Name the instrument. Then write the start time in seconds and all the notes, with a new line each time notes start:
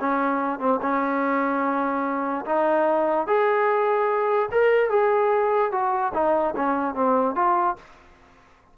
trombone
0.00 C#4
0.59 C4
0.82 C#4
2.45 D#4
3.27 G#4
4.51 A#4
4.90 G#4
5.71 F#4
6.14 D#4
6.56 C#4
6.94 C4
7.35 F4